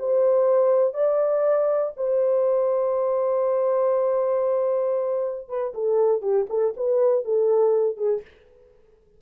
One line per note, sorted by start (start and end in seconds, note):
0.00 0.94 C5
0.94 1.92 D5
1.97 5.49 C5
5.49 5.74 B4
5.75 6.22 A4
6.22 6.47 G4
6.50 6.74 A4
6.77 7.25 B4
7.25 7.97 A4
7.97 8.22 G#4